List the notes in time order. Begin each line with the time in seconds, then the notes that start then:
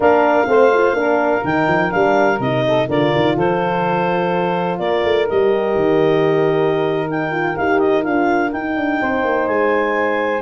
0.00 A#3 D4 A#4 F5
0.46 A3 C4 C5
0.73 F4
0.92 A#3 D4 A#4
1.44 D#3 D#4 G5
1.67 F3
1.90 G3 D4 F5
2.39 C3 D#4 D#5
2.66 A4
2.87 D3 F4 A#4 D5
3.15 D#3
3.35 F3 A4 C5
4.78 A#3 A#4 D5
5.03 A3
5.29 G3 G4 D#5
5.75 D#3
7.08 D#4 G5
7.31 F4
7.56 D#4 G4 F5
7.79 D#5
8.03 D4 F4 F5
8.52 D#4 G5
8.76 D4
9.00 C4 C5
9.24 A#3
9.47 G#3 G#5